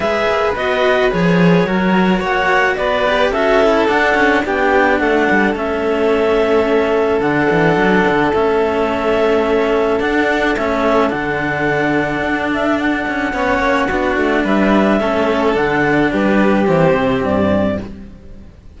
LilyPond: <<
  \new Staff \with { instrumentName = "clarinet" } { \time 4/4 \tempo 4 = 108 e''4 dis''4 cis''2 | fis''4 d''4 e''4 fis''4 | g''4 fis''4 e''2~ | e''4 fis''2 e''4~ |
e''2 fis''4 e''4 | fis''2~ fis''8 e''8 fis''4~ | fis''2 e''2 | fis''4 b'4 c''4 d''4 | }
  \new Staff \with { instrumentName = "violin" } { \time 4/4 b'2. ais'4 | cis''4 b'4 a'2 | g'4 a'2.~ | a'1~ |
a'1~ | a'1 | cis''4 fis'4 b'4 a'4~ | a'4 g'2. | }
  \new Staff \with { instrumentName = "cello" } { \time 4/4 gis'4 fis'4 gis'4 fis'4~ | fis'4. g'8 fis'8 e'8 d'8 cis'8 | d'2 cis'2~ | cis'4 d'2 cis'4~ |
cis'2 d'4 cis'4 | d'1 | cis'4 d'2 cis'4 | d'2 c'2 | }
  \new Staff \with { instrumentName = "cello" } { \time 4/4 gis8 ais8 b4 f4 fis4 | ais4 b4 cis'4 d'4 | b4 a8 g8 a2~ | a4 d8 e8 fis8 d8 a4~ |
a2 d'4 a4 | d2 d'4. cis'8 | b8 ais8 b8 a8 g4 a4 | d4 g4 e8 c8 g,4 | }
>>